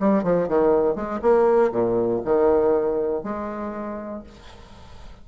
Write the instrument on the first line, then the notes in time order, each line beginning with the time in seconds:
bassoon
0.00 G3
0.24 F3
0.48 D#3
0.96 G#3
1.22 A#3
1.72 A#2
2.25 D#3
3.24 G#3